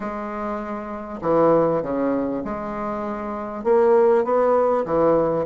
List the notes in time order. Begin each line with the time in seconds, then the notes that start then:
0.00 G#3
1.21 E3
1.82 C#3
2.44 G#3
3.64 A#3
4.24 B3
4.85 E3